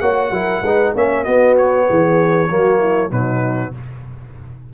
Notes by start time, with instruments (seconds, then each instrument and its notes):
0.00 tuba A#3, trombone F#4, horn C#5, trumpet F#5
0.30 tuba F#3, trombone E4, horn A#4
0.62 tuba G#3, trombone D#4, horn B4
0.94 tuba A#3, trombone C#4, horn C#5, trumpet E5
1.23 trombone B3, tuba B3, horn F#4, trumpet D#5
1.57 trumpet C#5
1.88 tuba E3, horn G#4
2.49 tuba F#3, trombone A#3, horn F#4
2.78 horn E4
3.10 tuba B2, trombone F#3, horn D#4, trumpet B4